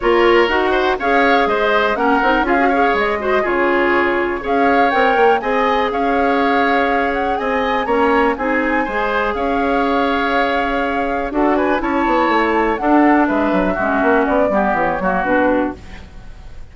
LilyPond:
<<
  \new Staff \with { instrumentName = "flute" } { \time 4/4 \tempo 4 = 122 cis''4 fis''4 f''4 dis''4 | fis''4 f''4 dis''4 cis''4~ | cis''4 f''4 g''4 gis''4 | f''2~ f''8 fis''8 gis''4 |
ais''4 gis''2 f''4~ | f''2. fis''8 gis''8 | a''2 fis''4 e''4~ | e''4 d''4 cis''4 b'4 | }
  \new Staff \with { instrumentName = "oboe" } { \time 4/4 ais'4. c''8 cis''4 c''4 | ais'4 gis'8 cis''4 c''8 gis'4~ | gis'4 cis''2 dis''4 | cis''2. dis''4 |
cis''4 gis'4 c''4 cis''4~ | cis''2. a'8 b'8 | cis''2 a'4 b'4 | fis'4. g'4 fis'4. | }
  \new Staff \with { instrumentName = "clarinet" } { \time 4/4 f'4 fis'4 gis'2 | cis'8 dis'8 f'16 fis'16 gis'4 fis'8 f'4~ | f'4 gis'4 ais'4 gis'4~ | gis'1 |
cis'4 dis'4 gis'2~ | gis'2. fis'4 | e'2 d'2 | cis'4. b4 ais8 d'4 | }
  \new Staff \with { instrumentName = "bassoon" } { \time 4/4 ais4 dis'4 cis'4 gis4 | ais8 c'8 cis'4 gis4 cis4~ | cis4 cis'4 c'8 ais8 c'4 | cis'2. c'4 |
ais4 c'4 gis4 cis'4~ | cis'2. d'4 | cis'8 b8 a4 d'4 gis8 fis8 | gis8 ais8 b8 g8 e8 fis8 b,4 | }
>>